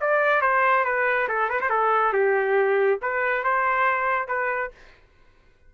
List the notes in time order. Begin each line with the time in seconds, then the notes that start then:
0.00 D5
0.41 C5
0.84 B4
1.28 A4
1.49 B4
1.60 C5
1.70 A4
2.13 G4
3.02 B4
3.43 C5
4.27 B4